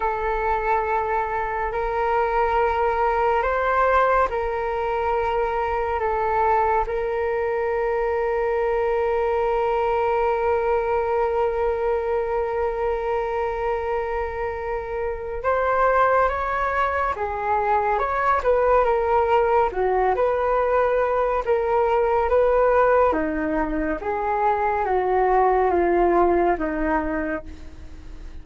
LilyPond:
\new Staff \with { instrumentName = "flute" } { \time 4/4 \tempo 4 = 70 a'2 ais'2 | c''4 ais'2 a'4 | ais'1~ | ais'1~ |
ais'2 c''4 cis''4 | gis'4 cis''8 b'8 ais'4 fis'8 b'8~ | b'4 ais'4 b'4 dis'4 | gis'4 fis'4 f'4 dis'4 | }